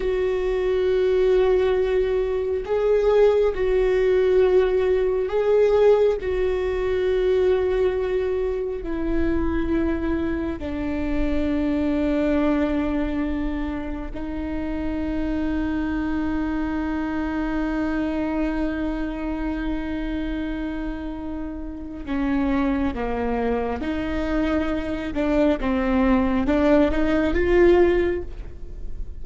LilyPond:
\new Staff \with { instrumentName = "viola" } { \time 4/4 \tempo 4 = 68 fis'2. gis'4 | fis'2 gis'4 fis'4~ | fis'2 e'2 | d'1 |
dis'1~ | dis'1~ | dis'4 cis'4 ais4 dis'4~ | dis'8 d'8 c'4 d'8 dis'8 f'4 | }